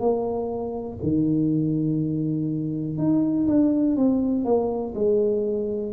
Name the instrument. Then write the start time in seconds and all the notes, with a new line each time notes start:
tuba
0.00 A#3
1.02 D#3
2.98 D#4
3.47 D4
3.96 C4
4.44 A#3
4.94 G#3